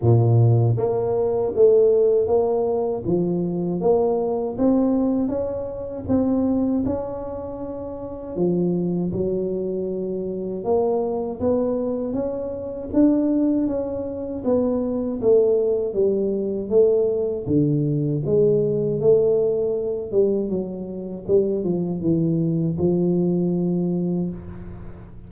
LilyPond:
\new Staff \with { instrumentName = "tuba" } { \time 4/4 \tempo 4 = 79 ais,4 ais4 a4 ais4 | f4 ais4 c'4 cis'4 | c'4 cis'2 f4 | fis2 ais4 b4 |
cis'4 d'4 cis'4 b4 | a4 g4 a4 d4 | gis4 a4. g8 fis4 | g8 f8 e4 f2 | }